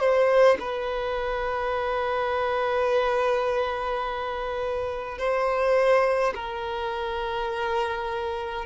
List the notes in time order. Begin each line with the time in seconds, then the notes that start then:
0.00 C5
0.60 B4
5.19 C5
6.35 A#4